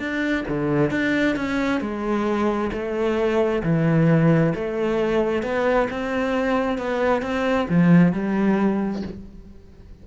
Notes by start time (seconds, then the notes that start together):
0.00 D4
0.49 D3
0.91 D4
1.36 C#4
1.81 G#3
2.73 A3
3.64 E3
4.55 A3
5.43 B3
5.91 C4
6.79 B3
7.23 C4
7.70 F3
8.13 G3